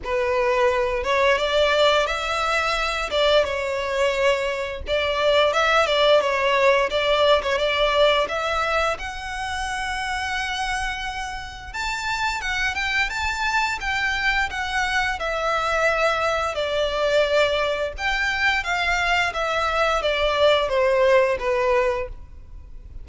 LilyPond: \new Staff \with { instrumentName = "violin" } { \time 4/4 \tempo 4 = 87 b'4. cis''8 d''4 e''4~ | e''8 d''8 cis''2 d''4 | e''8 d''8 cis''4 d''8. cis''16 d''4 | e''4 fis''2.~ |
fis''4 a''4 fis''8 g''8 a''4 | g''4 fis''4 e''2 | d''2 g''4 f''4 | e''4 d''4 c''4 b'4 | }